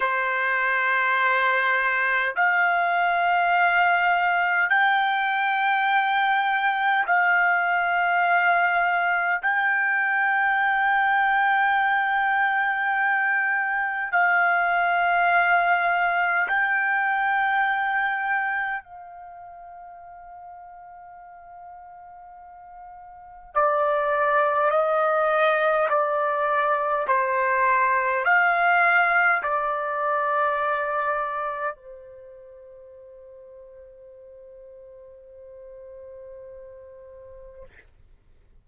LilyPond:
\new Staff \with { instrumentName = "trumpet" } { \time 4/4 \tempo 4 = 51 c''2 f''2 | g''2 f''2 | g''1 | f''2 g''2 |
f''1 | d''4 dis''4 d''4 c''4 | f''4 d''2 c''4~ | c''1 | }